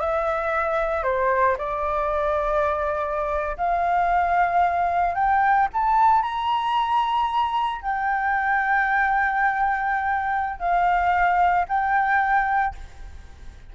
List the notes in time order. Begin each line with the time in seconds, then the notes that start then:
0.00 E5
1.03 C5
1.58 D5
3.57 F5
5.15 G5
5.73 A5
6.22 A#5
7.82 G5
10.60 F5
11.69 G5